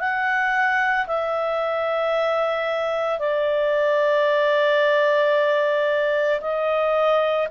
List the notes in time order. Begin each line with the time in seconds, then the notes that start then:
0.00 F#5
1.07 E5
3.19 D5
6.41 D#5